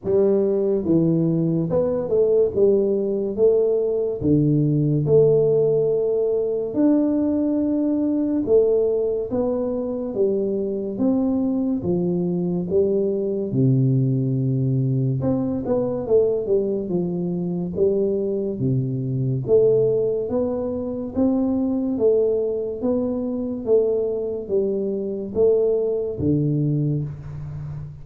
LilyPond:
\new Staff \with { instrumentName = "tuba" } { \time 4/4 \tempo 4 = 71 g4 e4 b8 a8 g4 | a4 d4 a2 | d'2 a4 b4 | g4 c'4 f4 g4 |
c2 c'8 b8 a8 g8 | f4 g4 c4 a4 | b4 c'4 a4 b4 | a4 g4 a4 d4 | }